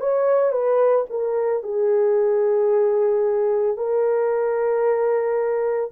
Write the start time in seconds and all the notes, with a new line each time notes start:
0.00 C#5
0.52 B4
1.10 A#4
1.63 G#4
3.77 A#4